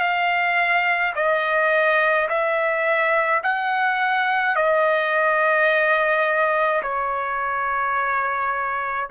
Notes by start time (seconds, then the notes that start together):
0.00 F5
1.15 D#5
2.28 E5
3.43 F#5
4.55 D#5
6.82 C#5